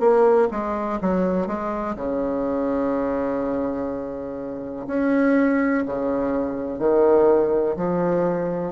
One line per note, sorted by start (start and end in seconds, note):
0.00 0.48 A#3
0.51 0.99 G#3
1.01 1.47 F#3
1.47 1.95 G#3
1.96 4.86 C#3
4.87 5.84 C#4
5.85 6.79 C#3
6.79 7.76 D#3
7.76 8.72 F3